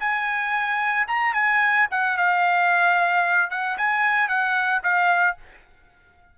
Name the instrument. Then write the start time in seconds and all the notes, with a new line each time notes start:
trumpet
0.00 G#5
1.08 A#5
1.34 G#5
1.91 F#5
2.17 F5
3.51 F#5
3.78 G#5
4.29 F#5
4.84 F5